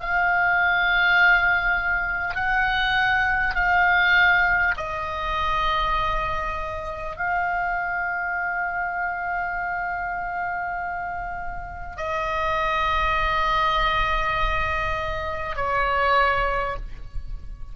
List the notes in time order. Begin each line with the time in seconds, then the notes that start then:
0.00 F5
2.35 F#5
3.55 F5
4.77 D#5
7.16 F5
11.97 D#5
15.56 C#5